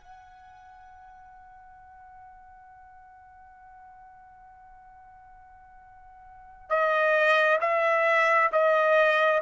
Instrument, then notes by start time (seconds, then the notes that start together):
trumpet
0.00 F#5
6.69 D#5
7.60 E5
8.52 D#5